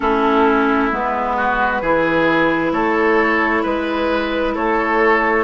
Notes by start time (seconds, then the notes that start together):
0.00 A3 C#4 E4 A4
0.91 G#3 B3 B4
1.36 F#4
1.81 E3 E4 G#4
2.72 A3 A4 C#5
3.62 G#3 B4
4.54 A3 A4 C#5